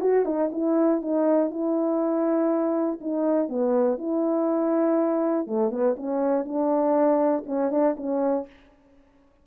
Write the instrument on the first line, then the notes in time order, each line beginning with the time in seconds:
horn
0.00 F#4
0.25 D#4
0.51 E4
1.01 D#4
1.50 E4
3.00 D#4
3.48 B3
3.98 E4
5.47 A3
5.70 B3
5.96 C#4
6.45 D4
7.46 C#4
7.70 D4
7.96 C#4